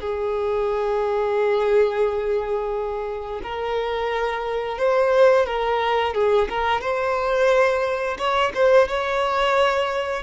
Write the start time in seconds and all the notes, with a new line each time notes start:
0.00 G#4
3.42 A#4
4.78 C5
5.46 A#4
6.14 G#4
6.49 A#4
6.81 C5
8.18 C#5
8.54 C5
8.88 C#5